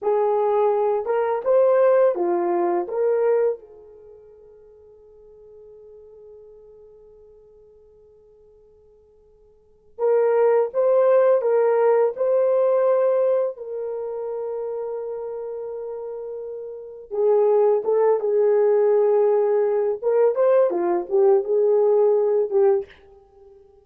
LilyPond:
\new Staff \with { instrumentName = "horn" } { \time 4/4 \tempo 4 = 84 gis'4. ais'8 c''4 f'4 | ais'4 gis'2.~ | gis'1~ | gis'2 ais'4 c''4 |
ais'4 c''2 ais'4~ | ais'1 | gis'4 a'8 gis'2~ gis'8 | ais'8 c''8 f'8 g'8 gis'4. g'8 | }